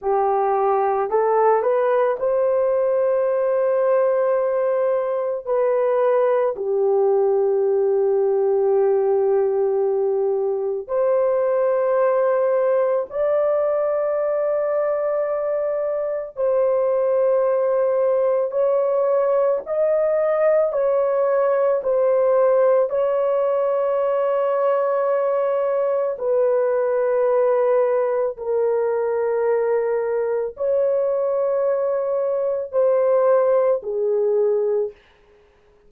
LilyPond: \new Staff \with { instrumentName = "horn" } { \time 4/4 \tempo 4 = 55 g'4 a'8 b'8 c''2~ | c''4 b'4 g'2~ | g'2 c''2 | d''2. c''4~ |
c''4 cis''4 dis''4 cis''4 | c''4 cis''2. | b'2 ais'2 | cis''2 c''4 gis'4 | }